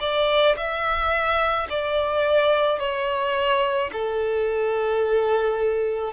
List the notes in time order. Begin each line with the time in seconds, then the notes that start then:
0.00 D5
0.57 E5
1.70 D5
2.79 C#5
3.92 A4